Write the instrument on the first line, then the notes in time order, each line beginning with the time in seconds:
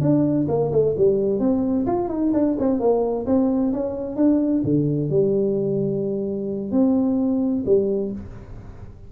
tuba
0.00 D4
0.48 A#3
0.71 A3
0.97 G3
1.39 C4
1.86 F4
2.08 D#4
2.33 D4
2.59 C4
2.79 A#3
3.26 C4
3.72 C#4
4.16 D4
4.64 D3
5.10 G3
6.71 C4
7.65 G3